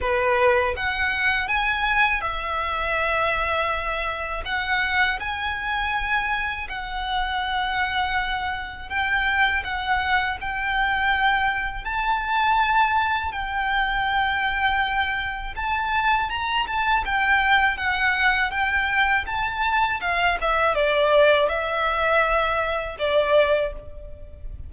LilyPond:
\new Staff \with { instrumentName = "violin" } { \time 4/4 \tempo 4 = 81 b'4 fis''4 gis''4 e''4~ | e''2 fis''4 gis''4~ | gis''4 fis''2. | g''4 fis''4 g''2 |
a''2 g''2~ | g''4 a''4 ais''8 a''8 g''4 | fis''4 g''4 a''4 f''8 e''8 | d''4 e''2 d''4 | }